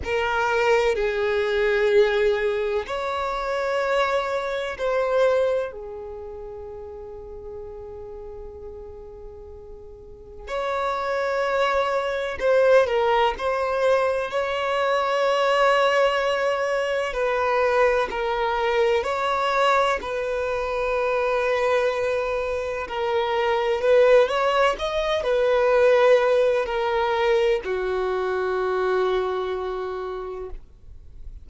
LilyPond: \new Staff \with { instrumentName = "violin" } { \time 4/4 \tempo 4 = 63 ais'4 gis'2 cis''4~ | cis''4 c''4 gis'2~ | gis'2. cis''4~ | cis''4 c''8 ais'8 c''4 cis''4~ |
cis''2 b'4 ais'4 | cis''4 b'2. | ais'4 b'8 cis''8 dis''8 b'4. | ais'4 fis'2. | }